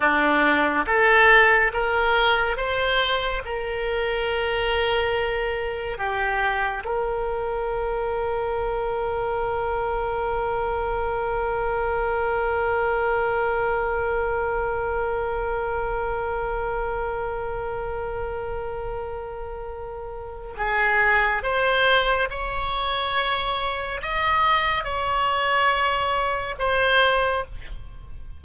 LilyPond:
\new Staff \with { instrumentName = "oboe" } { \time 4/4 \tempo 4 = 70 d'4 a'4 ais'4 c''4 | ais'2. g'4 | ais'1~ | ais'1~ |
ais'1~ | ais'1 | gis'4 c''4 cis''2 | dis''4 cis''2 c''4 | }